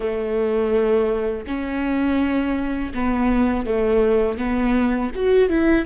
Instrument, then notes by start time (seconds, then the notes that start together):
viola
0.00 A3
1.46 C#4
2.94 B3
3.66 A3
4.37 B3
5.15 F#4
5.49 E4